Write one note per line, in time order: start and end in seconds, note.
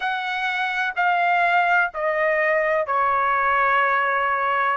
0.00 0.93 F#5
0.96 1.91 F5
1.94 2.86 D#5
2.86 4.76 C#5